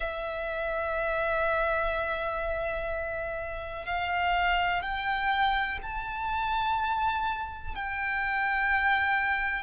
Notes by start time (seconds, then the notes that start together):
0.00 E5
3.85 F5
4.82 G5
5.82 A5
7.75 G5